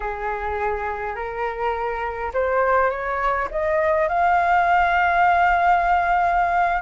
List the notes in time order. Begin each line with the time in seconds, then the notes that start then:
0.00 G#4
1.15 A#4
2.33 C5
2.90 C#5
3.51 D#5
4.08 F5